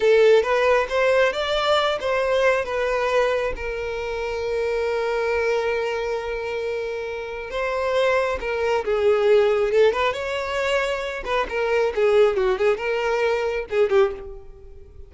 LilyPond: \new Staff \with { instrumentName = "violin" } { \time 4/4 \tempo 4 = 136 a'4 b'4 c''4 d''4~ | d''8 c''4. b'2 | ais'1~ | ais'1~ |
ais'4 c''2 ais'4 | gis'2 a'8 b'8 cis''4~ | cis''4. b'8 ais'4 gis'4 | fis'8 gis'8 ais'2 gis'8 g'8 | }